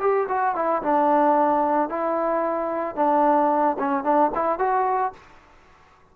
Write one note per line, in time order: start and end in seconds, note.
0.00 0.27 G4
0.28 0.55 F#4
0.55 0.82 E4
0.82 1.89 D4
1.89 2.95 E4
2.95 3.76 D4
3.79 4.04 C#4
4.04 4.31 D4
4.35 4.58 E4
4.58 5.13 F#4